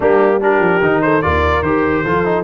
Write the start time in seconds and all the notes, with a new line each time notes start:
0.00 G3 A#3 D4 G4
0.41 D4 G4 A#4
0.60 F3
0.81 D#3 D#4
1.01 A4 C5
1.21 D#2 F4 A#4 D5
1.62 D#3 G4 C5
2.03 F3 F4 A4
2.24 D#4